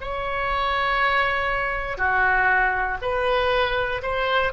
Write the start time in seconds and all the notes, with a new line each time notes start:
0.00 C#5
1.97 F#4
3.01 B4
4.02 C5